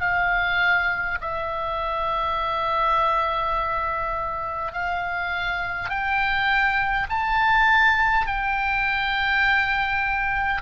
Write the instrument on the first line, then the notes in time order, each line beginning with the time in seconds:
oboe
0.00 F5
1.21 E5
4.73 F5
5.89 G5
7.09 A5
8.26 G5